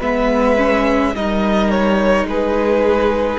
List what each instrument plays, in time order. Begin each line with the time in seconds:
0.00 cello G#3, viola B3, violin B4 E5
0.57 viola C#4
1.15 cello G3, viola D#4, violin A#4 D#5
1.70 violin C#5
2.24 cello G#3, violin G#4 B4